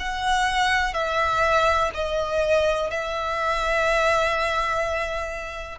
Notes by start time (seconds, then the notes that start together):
0.00 F#5
0.94 E5
1.94 D#5
2.91 E5